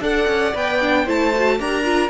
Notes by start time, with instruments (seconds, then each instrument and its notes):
0.00 cello D4, viola A4, violin D5 F#5
0.28 cello C#4
0.55 cello B3, viola B4, violin G5
0.81 viola D4
1.04 cello A3, viola E4, violin C5 A5
1.35 viola F#4
1.59 cello D4, viola G4, violin A#4 A#5
1.84 viola F4